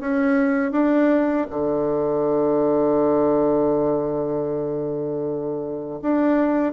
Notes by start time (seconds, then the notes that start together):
0.00 C#4
0.72 D4
1.50 D3
6.02 D4